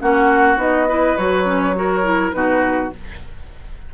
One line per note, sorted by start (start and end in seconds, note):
0.00 0.57 A#3
0.00 0.57 C#4
0.00 0.88 F#4
0.00 0.59 F#5
0.57 1.15 B3
0.57 0.86 D#4
0.57 1.17 D#5
0.88 1.17 E4
0.88 1.76 B4
1.17 2.33 F#3
1.17 1.44 F#4
1.17 2.32 C#5
1.44 1.73 C#4
1.75 2.03 F#4
1.75 2.35 A#4
2.03 2.32 E4
2.32 2.91 B2
2.32 2.90 D#4
2.32 2.93 F#4
2.32 2.90 B4